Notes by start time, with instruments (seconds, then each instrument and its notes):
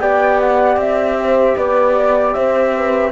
0.00 cello B3, trombone G4, horn D5, flute G5
0.41 flute F#5
0.77 cello C4, flute E5
1.20 horn C5
1.57 cello B3, horn B4, flute D5
1.96 horn D5
2.34 cello C4, horn C5, flute E5
2.77 horn B4